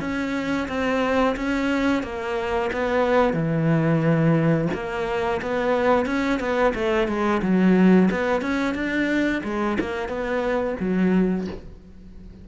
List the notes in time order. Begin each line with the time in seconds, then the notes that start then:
0.00 C#4
0.68 C4
1.36 C#4
2.03 A#3
2.72 B3
3.33 E3
4.73 A#3
5.41 B3
6.06 C#4
6.39 B3
6.74 A3
7.07 G#3
7.42 F#3
8.11 B3
8.41 C#4
8.74 D4
9.44 G#3
9.80 A#3
10.08 B3
10.80 F#3